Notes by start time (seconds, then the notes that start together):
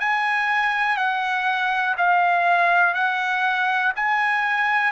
0.00 G#5
0.97 F#5
1.98 F5
2.94 F#5
3.96 G#5